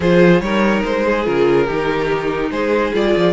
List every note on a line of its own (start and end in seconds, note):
0.00 0.40 F3
0.00 0.42 F4
0.00 0.42 G#4
0.00 0.40 C5
0.40 0.82 G3
0.40 1.24 D#4
0.40 1.06 A#4
0.40 0.82 C#5
0.84 1.27 G#3
0.84 1.25 C5
1.06 1.65 G#4
1.24 1.69 C#3
1.24 1.66 F4
1.24 2.51 A#4
1.65 2.50 D#3
1.65 2.93 D#4
1.65 2.49 G4
2.50 2.92 G#3
2.50 3.33 G#4
2.50 2.93 C5
2.93 3.15 G3
2.93 3.33 F4
2.93 3.33 D5
3.16 3.33 F3